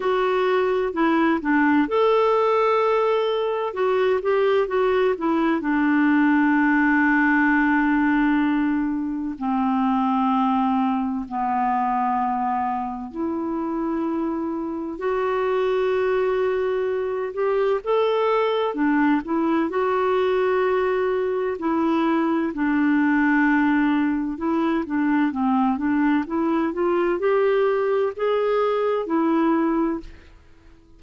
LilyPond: \new Staff \with { instrumentName = "clarinet" } { \time 4/4 \tempo 4 = 64 fis'4 e'8 d'8 a'2 | fis'8 g'8 fis'8 e'8 d'2~ | d'2 c'2 | b2 e'2 |
fis'2~ fis'8 g'8 a'4 | d'8 e'8 fis'2 e'4 | d'2 e'8 d'8 c'8 d'8 | e'8 f'8 g'4 gis'4 e'4 | }